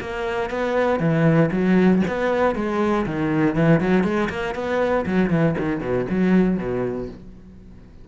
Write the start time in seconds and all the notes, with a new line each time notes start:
0.00 A#3
0.50 B3
0.99 E3
1.51 F#3
2.07 B3
2.55 G#3
3.05 D#3
3.55 E3
3.80 F#3
4.03 G#3
4.29 A#3
4.54 B3
5.06 F#3
5.30 E3
5.58 D#3
5.80 B2
6.09 F#3
6.57 B2